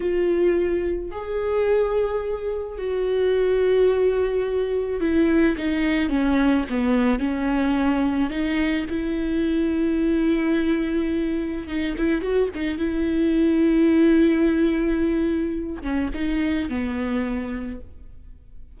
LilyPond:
\new Staff \with { instrumentName = "viola" } { \time 4/4 \tempo 4 = 108 f'2 gis'2~ | gis'4 fis'2.~ | fis'4 e'4 dis'4 cis'4 | b4 cis'2 dis'4 |
e'1~ | e'4 dis'8 e'8 fis'8 dis'8 e'4~ | e'1~ | e'8 cis'8 dis'4 b2 | }